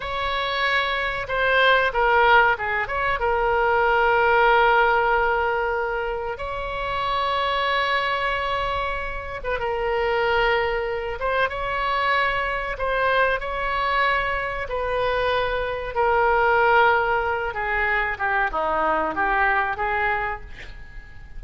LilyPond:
\new Staff \with { instrumentName = "oboe" } { \time 4/4 \tempo 4 = 94 cis''2 c''4 ais'4 | gis'8 cis''8 ais'2.~ | ais'2 cis''2~ | cis''2~ cis''8. b'16 ais'4~ |
ais'4. c''8 cis''2 | c''4 cis''2 b'4~ | b'4 ais'2~ ais'8 gis'8~ | gis'8 g'8 dis'4 g'4 gis'4 | }